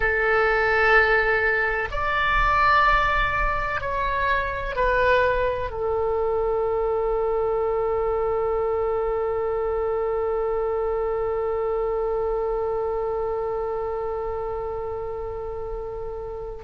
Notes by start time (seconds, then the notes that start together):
0.00 A4
1.90 D5
3.81 C#5
4.75 B4
5.70 A4